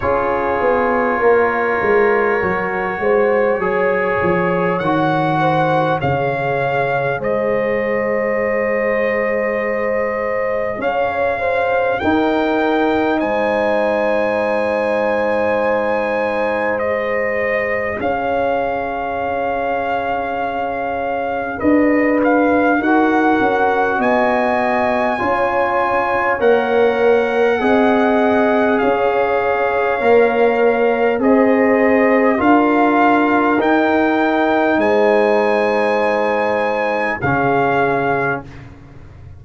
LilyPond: <<
  \new Staff \with { instrumentName = "trumpet" } { \time 4/4 \tempo 4 = 50 cis''1 | fis''4 f''4 dis''2~ | dis''4 f''4 g''4 gis''4~ | gis''2 dis''4 f''4~ |
f''2 dis''8 f''8 fis''4 | gis''2 fis''2 | f''2 dis''4 f''4 | g''4 gis''2 f''4 | }
  \new Staff \with { instrumentName = "horn" } { \time 4/4 gis'4 ais'4. c''8 cis''4~ | cis''8 c''8 cis''4 c''2~ | c''4 cis''8 c''8 ais'4 c''4~ | c''2. cis''4~ |
cis''2 b'4 ais'4 | dis''4 cis''2 dis''4 | cis''2 c''4 ais'4~ | ais'4 c''2 gis'4 | }
  \new Staff \with { instrumentName = "trombone" } { \time 4/4 f'2 fis'4 gis'4 | fis'4 gis'2.~ | gis'2 dis'2~ | dis'2 gis'2~ |
gis'2. fis'4~ | fis'4 f'4 ais'4 gis'4~ | gis'4 ais'4 gis'4 f'4 | dis'2. cis'4 | }
  \new Staff \with { instrumentName = "tuba" } { \time 4/4 cis'8 b8 ais8 gis8 fis8 gis8 fis8 f8 | dis4 cis4 gis2~ | gis4 cis'4 dis'4 gis4~ | gis2. cis'4~ |
cis'2 d'4 dis'8 cis'8 | b4 cis'4 ais4 c'4 | cis'4 ais4 c'4 d'4 | dis'4 gis2 cis4 | }
>>